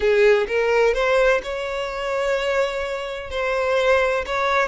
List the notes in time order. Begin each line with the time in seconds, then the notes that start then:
0.00 G#4
0.47 A#4
0.94 C5
1.43 C#5
3.30 C5
4.25 C#5